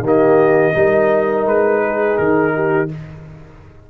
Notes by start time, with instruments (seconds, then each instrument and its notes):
0.00 tuba D#3, trombone A#3, horn G4
0.08 trumpet D#5
0.75 tuba G3, trombone D#4, horn A#4
1.46 tuba G#3, trumpet B4
1.83 horn G#4
2.18 tuba D#3, trumpet A#4
2.55 horn G4